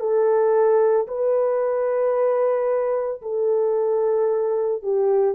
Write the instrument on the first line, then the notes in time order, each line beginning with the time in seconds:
horn
0.00 A4
1.07 B4
3.22 A4
4.83 G4